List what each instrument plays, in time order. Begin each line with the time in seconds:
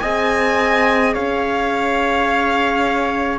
0.00 cello C4, horn G#4, trumpet D#5, violin G#5
1.13 cello C#4, trumpet C#5, violin F5